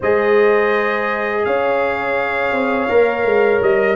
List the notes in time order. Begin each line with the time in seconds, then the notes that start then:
0.00 G#3 G#4 C5 D#5
1.44 C#4 C#5 F5
2.52 C4
2.89 A#3 A#4
3.24 G#3
3.62 G3 D#5